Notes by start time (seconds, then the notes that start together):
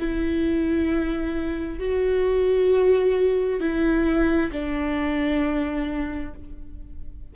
0.00 E4
1.79 F#4
3.60 E4
4.52 D4